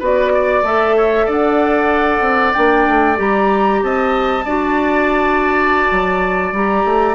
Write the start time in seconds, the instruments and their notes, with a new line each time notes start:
0.00 bassoon B3, clarinet F#4, oboe B4, flute D5
0.35 oboe D5
0.63 bassoon A3, clarinet A4, flute E5
0.97 oboe C#5
1.26 bassoon D4, oboe D5, flute F#5
2.21 bassoon C4
2.53 bassoon A#3, clarinet D4, flute G5
2.88 bassoon A3
3.17 bassoon G3, clarinet G4, flute A#5
3.83 bassoon C4, oboe D#5, flute A5
4.45 bassoon D4, clarinet F#4, oboe D5
5.92 bassoon F#3
6.52 bassoon G3, clarinet G4, flute A#5
6.85 bassoon A3